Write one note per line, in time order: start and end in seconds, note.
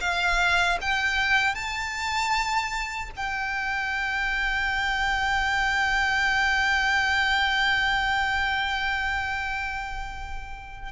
0.00 0.78 F5
0.81 1.54 G5
1.54 3.10 A5
3.16 10.92 G5